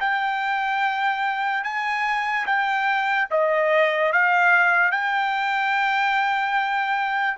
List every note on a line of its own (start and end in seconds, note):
0.00 1.63 G5
1.63 2.45 G#5
2.46 3.28 G5
3.30 4.12 D#5
4.12 4.91 F5
4.91 7.37 G5